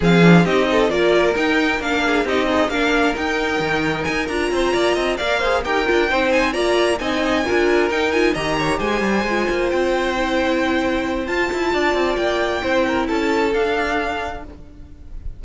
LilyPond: <<
  \new Staff \with { instrumentName = "violin" } { \time 4/4 \tempo 4 = 133 f''4 dis''4 d''4 g''4 | f''4 dis''4 f''4 g''4~ | g''4 gis''8 ais''2 f''8~ | f''8 g''4. gis''8 ais''4 gis''8~ |
gis''4. g''8 gis''8 ais''4 gis''8~ | gis''4. g''2~ g''8~ | g''4 a''2 g''4~ | g''4 a''4 f''2 | }
  \new Staff \with { instrumentName = "violin" } { \time 4/4 gis'4 g'8 a'8 ais'2~ | ais'8 gis'8 g'8 dis'8 ais'2~ | ais'2 c''8 d''8 dis''8 d''8 | c''8 ais'4 c''4 d''4 dis''8~ |
dis''8 ais'2 dis''8 cis''8 c''8~ | c''1~ | c''2 d''2 | c''8 ais'8 a'2. | }
  \new Staff \with { instrumentName = "viola" } { \time 4/4 c'8 d'8 dis'4 f'4 dis'4 | d'4 dis'8 gis'8 d'4 dis'4~ | dis'4. f'2 ais'8 | gis'8 g'8 f'8 dis'4 f'4 dis'8~ |
dis'8 f'4 dis'8 f'8 g'4.~ | g'8 f'2 e'4.~ | e'4 f'2. | e'2 d'2 | }
  \new Staff \with { instrumentName = "cello" } { \time 4/4 f4 c'4 ais4 dis'4 | ais4 c'4 ais4 dis'4 | dis4 dis'8 d'8 c'8 ais8 c'8 ais8~ | ais8 dis'8 d'8 c'4 ais4 c'8~ |
c'8 d'4 dis'4 dis4 gis8 | g8 gis8 ais8 c'2~ c'8~ | c'4 f'8 e'8 d'8 c'8 ais4 | c'4 cis'4 d'2 | }
>>